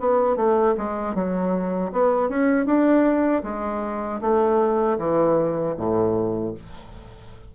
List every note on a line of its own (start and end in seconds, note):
0.00 0.36 B3
0.36 0.75 A3
0.78 1.15 G#3
1.15 1.92 F#3
1.92 2.29 B3
2.29 2.66 C#4
2.66 3.43 D4
3.44 4.21 G#3
4.21 4.98 A3
4.98 5.75 E3
5.77 6.54 A2